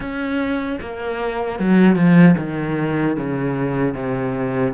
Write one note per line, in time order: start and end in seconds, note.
0.00 0.79 C#4
0.81 1.59 A#3
1.59 1.95 F#3
1.95 2.35 F3
2.37 3.16 D#3
3.16 3.94 C#3
3.94 4.73 C3